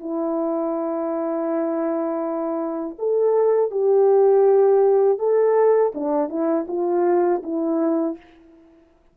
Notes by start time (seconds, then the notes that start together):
0.00 E4
2.99 A4
3.71 G4
5.19 A4
5.95 D4
6.29 E4
6.68 F4
7.43 E4